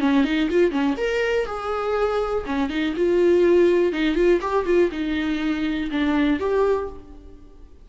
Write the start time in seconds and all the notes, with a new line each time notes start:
0.00 C#4
0.24 D#4
0.51 F4
0.71 C#4
0.97 A#4
1.46 G#4
2.46 C#4
2.70 D#4
2.96 F4
3.93 D#4
4.15 F4
4.41 G4
4.66 F4
4.92 D#4
5.91 D4
6.40 G4